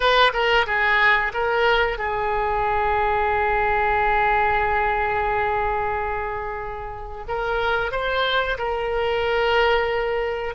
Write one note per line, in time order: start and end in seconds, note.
0.00 0.31 B4
0.33 0.66 A#4
0.66 1.32 G#4
1.33 1.98 A#4
1.98 7.25 G#4
7.28 7.91 A#4
7.91 8.57 C5
8.58 10.54 A#4